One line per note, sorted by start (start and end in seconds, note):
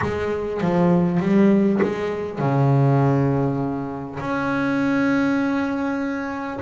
0.01 0.61 G#3
0.61 1.20 F3
1.20 1.80 G3
1.82 2.38 G#3
2.38 4.18 C#3
4.19 6.59 C#4